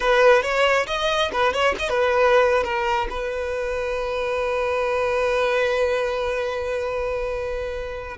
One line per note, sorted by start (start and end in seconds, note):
0.00 0.42 B4
0.42 0.86 C#5
0.87 1.31 D#5
1.32 1.53 B4
1.53 1.75 C#5
1.79 1.89 D#5
1.89 2.63 B4
2.63 3.07 A#4
3.10 8.17 B4